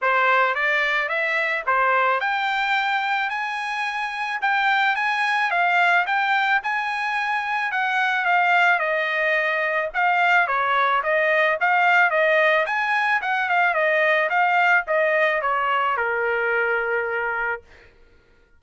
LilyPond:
\new Staff \with { instrumentName = "trumpet" } { \time 4/4 \tempo 4 = 109 c''4 d''4 e''4 c''4 | g''2 gis''2 | g''4 gis''4 f''4 g''4 | gis''2 fis''4 f''4 |
dis''2 f''4 cis''4 | dis''4 f''4 dis''4 gis''4 | fis''8 f''8 dis''4 f''4 dis''4 | cis''4 ais'2. | }